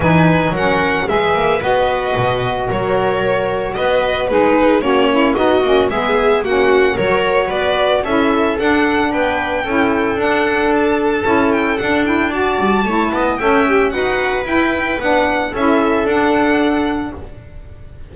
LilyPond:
<<
  \new Staff \with { instrumentName = "violin" } { \time 4/4 \tempo 4 = 112 gis''4 fis''4 e''4 dis''4~ | dis''4 cis''2 dis''4 | b'4 cis''4 dis''4 e''4 | fis''4 cis''4 d''4 e''4 |
fis''4 g''2 fis''4 | a''4. g''8 fis''8 g''8 a''4~ | a''4 g''4 fis''4 g''4 | fis''4 e''4 fis''2 | }
  \new Staff \with { instrumentName = "viola" } { \time 4/4 b'4 ais'4 b'2~ | b'4 ais'2 b'4 | dis'4 cis'4 fis'4 gis'4 | fis'4 ais'4 b'4 a'4~ |
a'4 b'4 a'2~ | a'2. d''4 | cis''8 dis''8 e''4 b'2~ | b'4 a'2. | }
  \new Staff \with { instrumentName = "saxophone" } { \time 4/4 dis'4 cis'4 gis'4 fis'4~ | fis'1 | gis'4 fis'8 e'8 dis'8 cis'8 b4 | cis'4 fis'2 e'4 |
d'2 e'4 d'4~ | d'4 e'4 d'8 e'8 fis'4 | e'4 a'8 g'8 fis'4 e'4 | d'4 e'4 d'2 | }
  \new Staff \with { instrumentName = "double bass" } { \time 4/4 e4 fis4 gis8 ais8 b4 | b,4 fis2 b4 | gis4 ais4 b8 ais8 gis4 | ais4 fis4 b4 cis'4 |
d'4 b4 cis'4 d'4~ | d'4 cis'4 d'4. g8 | a8 b8 cis'4 dis'4 e'4 | b4 cis'4 d'2 | }
>>